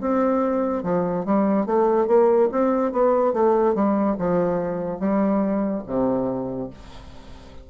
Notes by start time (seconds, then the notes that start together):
0.00 C4
0.83 F3
1.25 G3
1.66 A3
2.07 A#3
2.51 C4
2.92 B3
3.33 A3
3.74 G3
4.18 F3
4.99 G3
5.86 C3